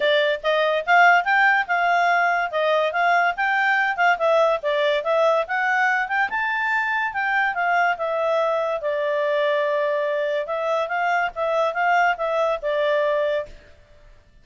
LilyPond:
\new Staff \with { instrumentName = "clarinet" } { \time 4/4 \tempo 4 = 143 d''4 dis''4 f''4 g''4 | f''2 dis''4 f''4 | g''4. f''8 e''4 d''4 | e''4 fis''4. g''8 a''4~ |
a''4 g''4 f''4 e''4~ | e''4 d''2.~ | d''4 e''4 f''4 e''4 | f''4 e''4 d''2 | }